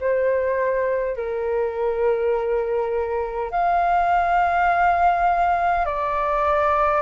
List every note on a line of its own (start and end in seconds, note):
0.00 1.16 C5
1.16 3.51 A#4
3.51 5.85 F5
5.85 7.01 D5